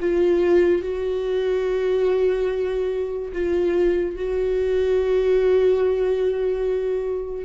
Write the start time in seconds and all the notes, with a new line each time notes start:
0.00 F4
0.82 F#4
3.33 F4
4.16 F#4